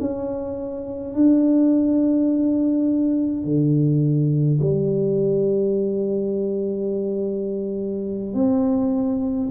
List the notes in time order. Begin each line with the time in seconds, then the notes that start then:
0.00 C#4
1.14 D4
3.44 D3
4.62 G3
8.34 C4